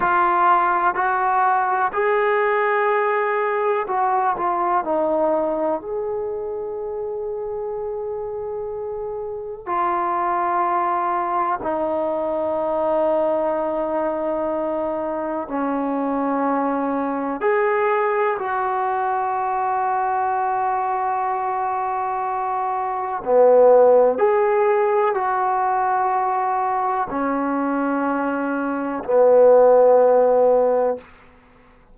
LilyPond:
\new Staff \with { instrumentName = "trombone" } { \time 4/4 \tempo 4 = 62 f'4 fis'4 gis'2 | fis'8 f'8 dis'4 gis'2~ | gis'2 f'2 | dis'1 |
cis'2 gis'4 fis'4~ | fis'1 | b4 gis'4 fis'2 | cis'2 b2 | }